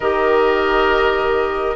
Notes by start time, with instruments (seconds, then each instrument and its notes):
0.00 bassoon D#3, clarinet G4, oboe A#4, flute D#5